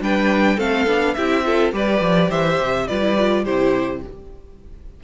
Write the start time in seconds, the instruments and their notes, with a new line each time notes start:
0.00 cello G3, viola D4, violin B4 G5
0.56 cello A3, viola C4, violin A4 F5
0.86 cello B3, viola D4
1.14 cello C4, viola E4, violin G4 E5
1.44 viola F4, violin A4
1.72 cello G3, viola G4, violin B4 D5
2.00 cello F3
2.29 cello E3, violin C5 E5
2.59 cello C3
2.87 cello G3, viola F4, violin B4 D5
3.01 viola E4
3.18 viola F4
3.43 cello C3, viola E4, violin G4 C5